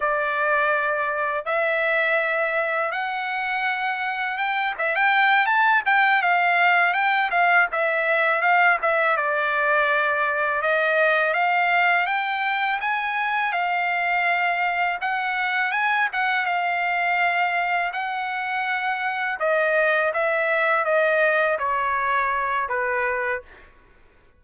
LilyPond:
\new Staff \with { instrumentName = "trumpet" } { \time 4/4 \tempo 4 = 82 d''2 e''2 | fis''2 g''8 e''16 g''8. a''8 | g''8 f''4 g''8 f''8 e''4 f''8 | e''8 d''2 dis''4 f''8~ |
f''8 g''4 gis''4 f''4.~ | f''8 fis''4 gis''8 fis''8 f''4.~ | f''8 fis''2 dis''4 e''8~ | e''8 dis''4 cis''4. b'4 | }